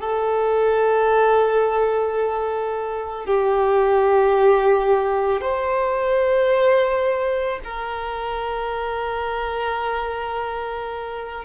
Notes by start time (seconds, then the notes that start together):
0.00 A4
3.26 G4
5.41 C5
7.65 A#4